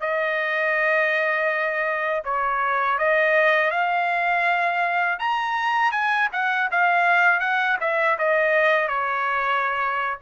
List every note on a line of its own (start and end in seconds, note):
0.00 2.22 D#5
2.24 2.98 C#5
2.98 3.70 D#5
3.70 5.19 F5
5.19 5.91 A#5
5.91 6.28 G#5
6.32 6.69 F#5
6.71 7.40 F5
7.40 7.77 F#5
7.80 8.17 E5
8.18 8.88 D#5
8.88 10.17 C#5